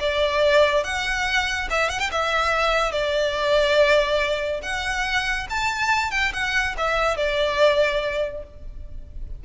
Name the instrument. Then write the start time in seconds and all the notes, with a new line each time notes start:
violin
0.00 D5
0.84 F#5
1.70 E5
1.90 F#5
2.00 G5
2.12 E5
2.92 D5
4.62 F#5
5.50 A5
6.11 G5
6.33 F#5
6.78 E5
7.17 D5